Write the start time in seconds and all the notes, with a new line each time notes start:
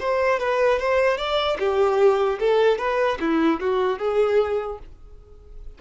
0.00 C5
0.40 B4
0.79 C5
1.17 D5
1.59 G4
2.40 A4
2.79 B4
3.21 E4
3.60 F#4
3.99 G#4